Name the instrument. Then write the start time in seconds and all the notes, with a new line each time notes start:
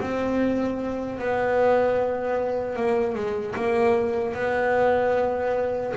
double bass
0.00 C4
1.19 B3
2.76 A#3
3.15 G#3
3.55 A#3
4.33 B3